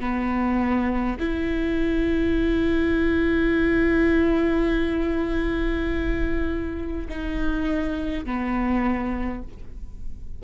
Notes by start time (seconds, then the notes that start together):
0.00 B3
1.20 E4
7.09 D#4
8.25 B3